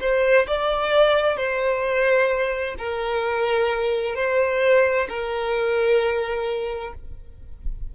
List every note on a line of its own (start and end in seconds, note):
0.00 0.46 C5
0.47 1.36 D5
1.36 2.75 C5
2.78 4.15 A#4
4.15 5.07 C5
5.09 6.93 A#4